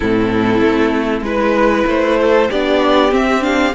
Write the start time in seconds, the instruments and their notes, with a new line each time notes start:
0.00 cello A2, viola C4, violin E4 A4
0.60 cello A3
1.21 cello G#3, viola E4, violin B4
1.87 cello A3, violin C5
2.20 violin A4
2.50 cello B3, viola D4, violin G4 D5
3.10 viola C4, cello C4, violin E5
3.41 viola D4, violin F5